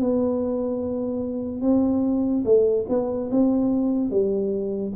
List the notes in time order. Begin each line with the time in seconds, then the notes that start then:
0.00 B3
1.61 C4
2.44 A3
2.89 B3
3.31 C4
4.11 G3